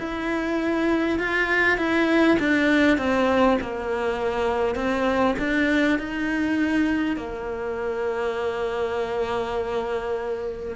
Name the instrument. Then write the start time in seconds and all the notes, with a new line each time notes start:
cello
0.00 E4
1.20 F4
1.78 E4
2.39 D4
2.98 C4
3.62 A#3
4.76 C4
5.39 D4
5.99 D#4
7.17 A#3